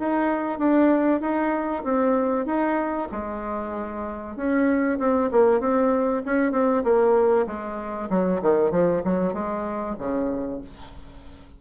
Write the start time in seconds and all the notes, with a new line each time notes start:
0.00 D#4
0.59 D4
1.21 D#4
1.84 C4
2.46 D#4
3.12 G#3
4.37 C#4
4.99 C4
5.32 A#3
5.61 C4
6.26 C#4
6.53 C4
6.84 A#3
7.47 G#3
8.10 F#3
8.42 D#3
8.71 F3
9.05 F#3
9.34 G#3
9.99 C#3